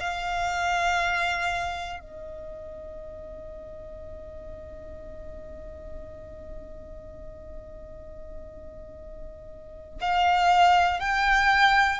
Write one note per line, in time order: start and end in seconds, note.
0.00 2.00 F5
2.00 10.00 D#5
10.01 11.00 F5
11.00 12.00 G5